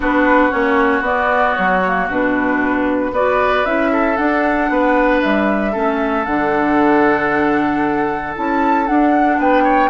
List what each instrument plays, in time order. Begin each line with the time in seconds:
0.00 bassoon B3, clarinet D4, oboe F#4, flute B4
0.50 bassoon A#3, clarinet C#4, flute C#5
1.01 bassoon B3, clarinet B3, flute D5
1.55 bassoon F#3, flute C#5
1.85 clarinet A#3
2.08 bassoon B2, clarinet D4, flute B4
3.11 bassoon B3, clarinet F#4, oboe B4, flute D5
3.65 bassoon C#4, clarinet E4, flute E5
3.92 oboe A4
4.16 clarinet D4, bassoon D4, flute F#5
4.69 bassoon B3, oboe B4
5.21 bassoon G3, flute E5
5.72 bassoon A3, clarinet C#4, oboe A4
6.24 bassoon D3, clarinet D4, flute F#5
8.35 bassoon C#4, clarinet E4, flute A5
8.86 clarinet D4, bassoon D4, flute F#5
9.38 bassoon B3, oboe B4, flute G5
9.63 oboe C#5